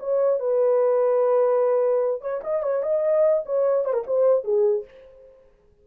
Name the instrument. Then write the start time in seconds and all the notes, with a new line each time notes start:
horn
0.00 C#5
0.40 B4
2.21 C#5
2.44 D#5
2.63 C#5
2.83 D#5
3.46 C#5
3.85 C5
3.94 A#4
4.07 C5
4.44 G#4